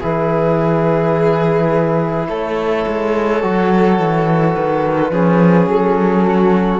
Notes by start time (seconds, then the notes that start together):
0.00 E3 E4 G#4 B4
2.29 A3 A4 C#5
2.87 G#3
3.42 F#3 F#4
3.99 E3
4.54 D#3 B4
5.12 F3 C#4 G#4
5.67 F#3 A4
6.27 F#4